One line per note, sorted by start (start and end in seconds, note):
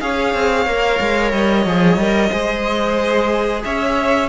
0.00 0.34 C#4
0.00 0.66 G#4
0.00 2.30 C#5
0.00 1.31 F5
0.34 0.66 C4
0.66 0.99 A#3
0.66 1.67 A#4
0.99 1.32 G#3
1.31 1.65 G3
1.31 3.62 D#5
1.65 1.96 F3
1.65 2.00 G#4
1.96 2.29 G3
1.96 2.30 A#4
2.30 3.64 G#3
2.30 4.28 G#4
2.30 3.62 C5
3.64 4.29 C#4
3.64 4.29 C#5
3.64 4.29 E5